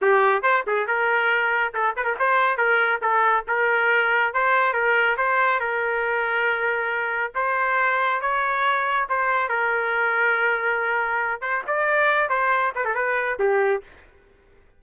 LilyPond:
\new Staff \with { instrumentName = "trumpet" } { \time 4/4 \tempo 4 = 139 g'4 c''8 gis'8 ais'2 | a'8 b'16 ais'16 c''4 ais'4 a'4 | ais'2 c''4 ais'4 | c''4 ais'2.~ |
ais'4 c''2 cis''4~ | cis''4 c''4 ais'2~ | ais'2~ ais'8 c''8 d''4~ | d''8 c''4 b'16 a'16 b'4 g'4 | }